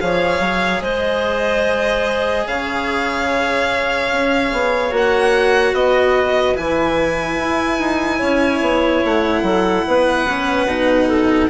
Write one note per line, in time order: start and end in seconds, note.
0.00 0.40 F3
0.00 4.91 G#4
0.00 0.82 C#5
0.00 0.82 F5
0.40 0.81 F#3
0.82 2.46 G#3
0.82 2.47 C5
0.82 2.47 D#5
2.46 4.11 C#3
2.46 5.76 C#5
2.46 4.94 F5
4.12 4.52 C#4
4.52 4.91 B3
4.91 5.73 A#3
4.91 6.55 F#4
4.91 5.75 F#5
5.73 6.55 B3
5.73 8.19 B4
5.73 6.57 D#5
6.55 7.39 E3
6.55 10.25 E4
6.55 9.04 G#5
7.39 7.79 E4
7.79 8.20 D#4
8.19 8.61 C#4
8.19 9.42 C#5
8.61 9.02 B3
9.05 9.42 A3
9.05 11.50 F#5
9.42 9.84 F#3
9.42 9.86 A4
9.87 10.65 B3
9.87 11.08 B4
10.29 10.68 C#4
10.65 11.47 B2
10.65 11.50 D#4
11.08 11.49 A4